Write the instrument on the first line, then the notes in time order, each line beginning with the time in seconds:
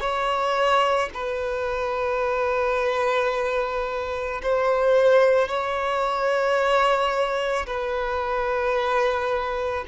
violin
0.00 C#5
1.14 B4
4.42 C5
5.48 C#5
7.66 B4